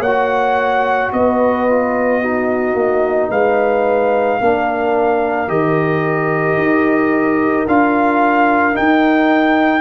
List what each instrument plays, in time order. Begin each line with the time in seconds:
0.00 tuba A#3, horn C#5, trumpet F#5
0.07 trombone F#4
1.13 tuba B3, horn B4, trumpet D#5
1.69 trombone F4
2.21 trombone D#4, horn F#4
2.75 tuba A#3
3.30 tuba G#3, horn B4, trumpet F5
4.40 tuba A#3, trombone D4, horn A#4
5.48 tuba D#3, trombone G4, trumpet D#5
6.58 tuba D#4
7.68 tuba D4, trombone F4, trumpet F5
8.73 trombone D#4, tuba D#4, trumpet G5